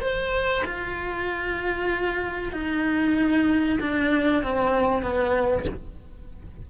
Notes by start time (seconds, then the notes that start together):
0.00 C5
0.65 F4
2.52 D#4
3.80 D4
4.43 C4
5.02 B3